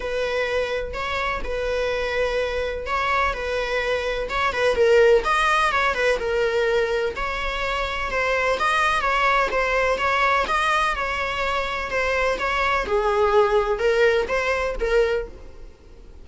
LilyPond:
\new Staff \with { instrumentName = "viola" } { \time 4/4 \tempo 4 = 126 b'2 cis''4 b'4~ | b'2 cis''4 b'4~ | b'4 cis''8 b'8 ais'4 dis''4 | cis''8 b'8 ais'2 cis''4~ |
cis''4 c''4 dis''4 cis''4 | c''4 cis''4 dis''4 cis''4~ | cis''4 c''4 cis''4 gis'4~ | gis'4 ais'4 c''4 ais'4 | }